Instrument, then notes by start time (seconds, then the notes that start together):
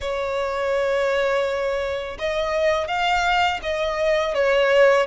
violin
0.00 C#5
2.18 D#5
2.87 F5
3.62 D#5
4.34 C#5